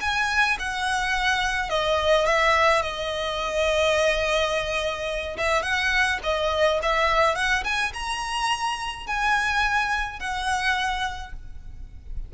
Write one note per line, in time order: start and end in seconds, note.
0.00 0.57 G#5
0.59 1.69 F#5
1.69 2.26 D#5
2.26 2.82 E5
2.82 5.36 D#5
5.37 5.62 E5
5.62 6.19 F#5
6.23 6.80 D#5
6.82 7.35 E5
7.35 7.63 F#5
7.64 7.92 G#5
7.93 9.06 A#5
9.06 10.19 G#5
10.19 11.32 F#5